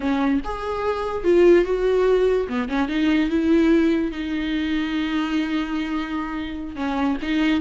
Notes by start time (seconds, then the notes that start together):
0.00 C#4
0.44 G#4
1.23 F4
1.64 F#4
2.48 B3
2.68 C#4
2.88 D#4
3.29 E4
4.11 D#4
6.75 C#4
7.21 D#4